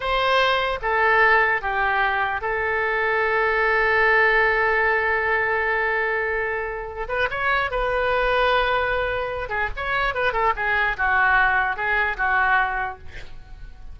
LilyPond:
\new Staff \with { instrumentName = "oboe" } { \time 4/4 \tempo 4 = 148 c''2 a'2 | g'2 a'2~ | a'1~ | a'1~ |
a'4. b'8 cis''4 b'4~ | b'2.~ b'8 gis'8 | cis''4 b'8 a'8 gis'4 fis'4~ | fis'4 gis'4 fis'2 | }